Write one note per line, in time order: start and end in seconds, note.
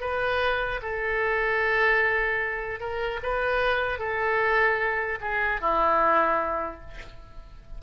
0.00 0.80 B4
0.82 2.80 A4
2.80 3.20 A#4
3.23 3.99 B4
3.99 5.19 A4
5.21 5.60 G#4
5.60 6.80 E4